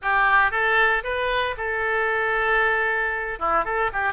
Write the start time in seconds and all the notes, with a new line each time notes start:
0.01 G4
0.51 A4
1.03 B4
1.57 A4
3.39 E4
3.64 A4
3.92 G4